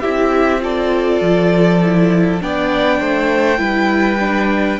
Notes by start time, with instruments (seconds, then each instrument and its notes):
0.00 cello C4, viola E4, violin G4 E5
0.60 viola F4, violin A4 D5
1.21 cello F3
1.82 viola E4
2.41 cello B3, viola D4, violin D5 G5
2.99 cello A3, violin C5
3.57 cello G3, viola E4, violin B4
4.20 viola D4